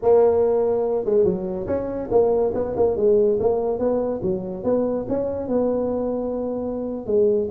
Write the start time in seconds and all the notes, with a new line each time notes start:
0.02 A#3
1.05 G#3
1.24 F#3
1.66 C#4
2.10 A#3
2.54 B3
2.76 A#3
2.96 G#3
3.39 A#3
3.78 B3
4.22 F#3
4.63 B3
5.08 C#4
5.48 B3
7.06 G#3